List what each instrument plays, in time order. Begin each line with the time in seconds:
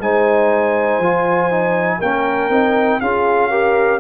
0.00 tuba G#3, trombone D#4, horn C5, trumpet G#5
0.99 tuba F3, trombone F4
1.51 trombone D#4
1.99 tuba A#3, trombone C#4, horn A#4, trumpet G5
2.50 tuba C4, trombone D#4
3.01 tuba C#4, trombone F4, horn G#4, trumpet F5
3.51 trombone G4, horn A#4